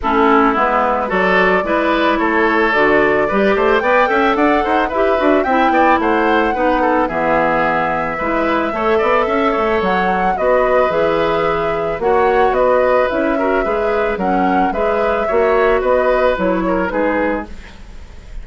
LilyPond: <<
  \new Staff \with { instrumentName = "flute" } { \time 4/4 \tempo 4 = 110 a'4 b'4 d''2 | cis''4 d''2 g''4 | fis''4 e''4 g''4 fis''4~ | fis''4 e''2.~ |
e''2 fis''4 dis''4 | e''2 fis''4 dis''4 | e''2 fis''4 e''4~ | e''4 dis''4 cis''4 b'4 | }
  \new Staff \with { instrumentName = "oboe" } { \time 4/4 e'2 a'4 b'4 | a'2 b'8 c''8 d''8 e''8 | d''8 c''8 b'4 e''8 d''8 c''4 | b'8 a'8 gis'2 b'4 |
cis''8 d''8 e''8 cis''4. b'4~ | b'2 cis''4 b'4~ | b'8 ais'8 b'4 ais'4 b'4 | cis''4 b'4. ais'8 gis'4 | }
  \new Staff \with { instrumentName = "clarinet" } { \time 4/4 cis'4 b4 fis'4 e'4~ | e'4 fis'4 g'4 b'8 a'8~ | a'4 g'8 fis'8 e'2 | dis'4 b2 e'4 |
a'2. fis'4 | gis'2 fis'2 | e'8 fis'8 gis'4 cis'4 gis'4 | fis'2 e'4 dis'4 | }
  \new Staff \with { instrumentName = "bassoon" } { \time 4/4 a4 gis4 fis4 gis4 | a4 d4 g8 a8 b8 cis'8 | d'8 dis'8 e'8 d'8 c'8 b8 a4 | b4 e2 gis4 |
a8 b8 cis'8 a8 fis4 b4 | e2 ais4 b4 | cis'4 gis4 fis4 gis4 | ais4 b4 fis4 gis4 | }
>>